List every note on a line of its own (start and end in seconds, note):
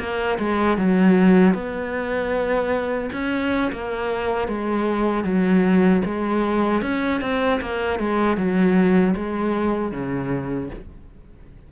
0.00 0.39 A#3
0.39 0.78 G#3
0.78 1.54 F#3
1.54 3.10 B3
3.13 3.72 C#4
3.73 4.48 A#3
4.48 5.25 G#3
5.25 6.03 F#3
6.06 6.83 G#3
6.83 7.21 C#4
7.21 7.60 C4
7.62 8.00 A#3
8.00 8.37 G#3
8.37 9.15 F#3
9.16 9.92 G#3
9.92 10.70 C#3